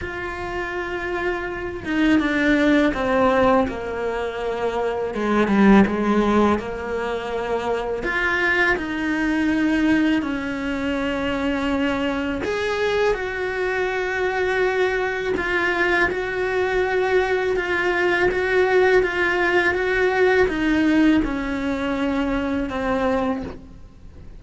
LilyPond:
\new Staff \with { instrumentName = "cello" } { \time 4/4 \tempo 4 = 82 f'2~ f'8 dis'8 d'4 | c'4 ais2 gis8 g8 | gis4 ais2 f'4 | dis'2 cis'2~ |
cis'4 gis'4 fis'2~ | fis'4 f'4 fis'2 | f'4 fis'4 f'4 fis'4 | dis'4 cis'2 c'4 | }